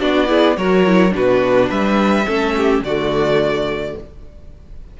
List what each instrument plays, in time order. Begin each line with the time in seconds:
0.00 cello B3, viola D4, violin F#4 D5
0.27 viola E4, violin G#4
0.57 cello F#3, viola F#4, violin A#4 C#5
0.87 viola E4
1.10 cello B2, viola D4, violin F#4
1.16 violin B4
1.69 cello G3, violin B4 E5
2.27 cello A3, viola C#4, violin A4
2.57 violin G4
2.81 cello D3, violin F#4 D5
2.87 viola A3